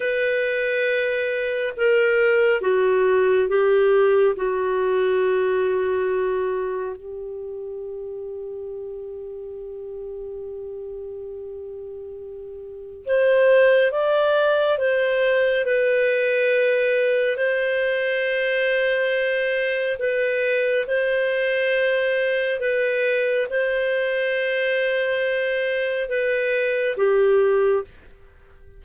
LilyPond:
\new Staff \with { instrumentName = "clarinet" } { \time 4/4 \tempo 4 = 69 b'2 ais'4 fis'4 | g'4 fis'2. | g'1~ | g'2. c''4 |
d''4 c''4 b'2 | c''2. b'4 | c''2 b'4 c''4~ | c''2 b'4 g'4 | }